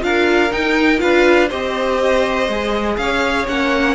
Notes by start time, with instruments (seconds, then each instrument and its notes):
0.00 cello D4, viola F4, violin A#4 F5
0.51 viola D#4, cello D#4, violin G5
0.98 cello D4, viola F4, violin B4 F5
1.48 cello C4, viola G4, violin C5 D#5
2.48 cello G#3, viola G#4
2.97 cello C#4, violin C#5 F5
3.47 cello A#3, viola C#4, violin F#5